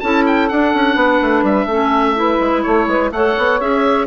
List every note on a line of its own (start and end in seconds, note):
0.00 0.51 C#4
0.00 0.50 E4
0.00 0.95 A4
0.00 0.24 A5
0.27 0.49 G5
0.49 1.70 D4
0.49 0.74 D4
0.49 1.45 F#5
0.74 0.96 C#4
0.95 1.20 B3
0.95 1.67 B4
1.22 1.43 A3
1.43 1.66 G3
1.43 2.63 E5
1.66 2.38 A3
1.66 2.16 C#4
1.66 2.15 A4
2.16 3.12 E4
2.16 2.64 B4
2.40 2.64 G#3
2.63 2.87 A3
2.63 2.88 A4
2.63 3.11 C#5
2.87 3.11 G#3
2.87 3.12 B4
3.12 3.36 A3
3.12 3.61 A4
3.12 4.07 C#5
3.12 3.61 F#5
3.38 3.61 B3
3.61 4.07 C#4
3.61 4.07 G#4
3.61 4.07 E5